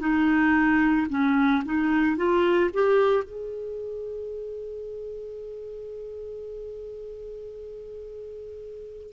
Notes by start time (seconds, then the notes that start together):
0.00 D#4
1.10 C#4
1.66 D#4
2.17 F4
2.74 G4
3.24 G#4